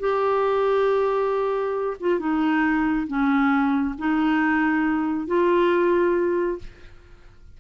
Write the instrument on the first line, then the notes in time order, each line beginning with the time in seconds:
clarinet
0.00 G4
2.00 F4
2.19 D#4
3.07 C#4
3.98 D#4
5.27 F4